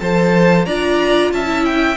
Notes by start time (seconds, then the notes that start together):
0.00 F3 A4 C5 A5
0.66 D4 F4 D5 A#5
1.32 C#4 E5 A5
1.46 E4
1.66 G5